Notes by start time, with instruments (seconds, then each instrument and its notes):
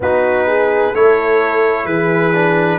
0.00 tuba B3, trombone D#4, horn F#4, trumpet B4
0.46 horn G#4
0.91 tuba A3, trombone E4, horn A4, trumpet C#5
1.84 tuba E3, horn G#4, trumpet B4
2.33 trombone D4